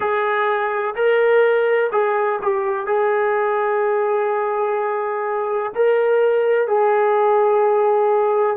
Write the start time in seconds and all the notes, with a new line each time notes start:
0.00 G#4
0.95 A#4
1.91 G#4
2.42 G4
2.86 G#4
5.75 A#4
6.67 G#4